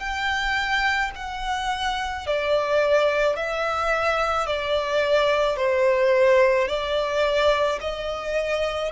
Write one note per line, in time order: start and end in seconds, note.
0.00 1.11 G5
1.16 2.27 F#5
2.27 3.36 D5
3.36 4.46 E5
4.46 5.57 D5
5.57 6.68 C5
6.68 7.79 D5
7.81 8.92 D#5